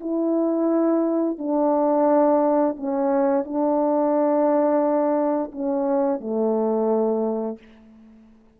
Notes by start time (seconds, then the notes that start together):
0.00 E4
1.38 D4
2.76 C#4
3.44 D4
5.52 C#4
6.20 A3